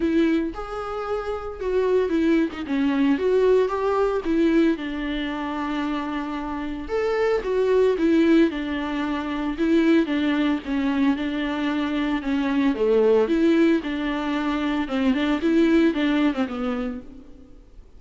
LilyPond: \new Staff \with { instrumentName = "viola" } { \time 4/4 \tempo 4 = 113 e'4 gis'2 fis'4 | e'8. dis'16 cis'4 fis'4 g'4 | e'4 d'2.~ | d'4 a'4 fis'4 e'4 |
d'2 e'4 d'4 | cis'4 d'2 cis'4 | a4 e'4 d'2 | c'8 d'8 e'4 d'8. c'16 b4 | }